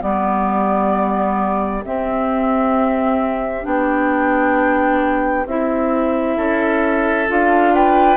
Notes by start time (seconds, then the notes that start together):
0.00 G3 B3 G4 D5
1.85 C4 E5
3.62 B3 D4 G5
5.46 C4 E4 E5
6.37 C#4 A4
7.28 D4 F4 F5
7.74 B4 G5